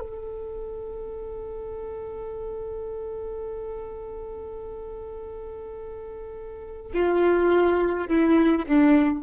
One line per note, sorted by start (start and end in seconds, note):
0.00 6.92 A4
6.94 8.08 F4
8.08 8.66 E4
8.66 9.24 D4